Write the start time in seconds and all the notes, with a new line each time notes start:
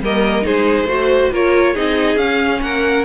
0.00 G3 A#3 A#4 D#5
0.41 G#3 D#4 G#4 C5
0.84 A3 F#4 C5
1.32 A#3 F4 A#4 C#5
1.73 C4 D#4 G#4 D#5
2.16 C#4 F5
2.61 A#3 A#4 F#5